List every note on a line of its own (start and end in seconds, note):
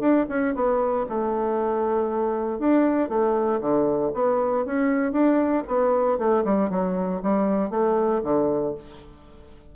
0.00 0.26 D4
0.29 0.54 C#4
0.55 1.06 B3
1.09 2.59 A3
2.59 3.09 D4
3.09 3.60 A3
3.60 4.11 D3
4.14 4.65 B3
4.65 5.12 C#4
5.12 5.63 D4
5.67 6.18 B3
6.18 6.43 A3
6.44 6.70 G3
6.70 7.21 F#3
7.22 7.70 G3
7.70 8.21 A3
8.23 8.74 D3